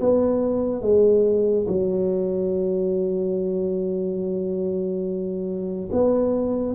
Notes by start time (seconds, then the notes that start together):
0.00 B3
0.82 G#3
1.68 F#3
5.92 B3